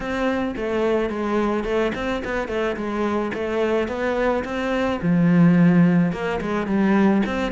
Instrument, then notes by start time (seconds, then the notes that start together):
cello
0.00 C4
0.56 A3
1.09 G#3
1.64 A3
1.94 C4
2.24 B3
2.48 A3
2.76 G#3
3.34 A3
3.88 B3
4.44 C4
5.02 F3
6.12 A#3
6.41 G#3
6.66 G3
7.26 C4